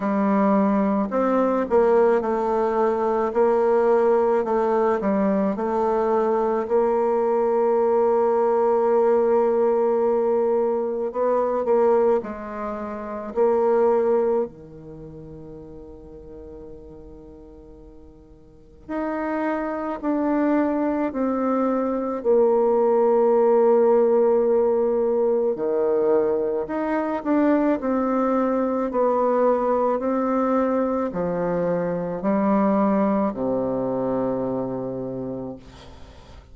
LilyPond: \new Staff \with { instrumentName = "bassoon" } { \time 4/4 \tempo 4 = 54 g4 c'8 ais8 a4 ais4 | a8 g8 a4 ais2~ | ais2 b8 ais8 gis4 | ais4 dis2.~ |
dis4 dis'4 d'4 c'4 | ais2. dis4 | dis'8 d'8 c'4 b4 c'4 | f4 g4 c2 | }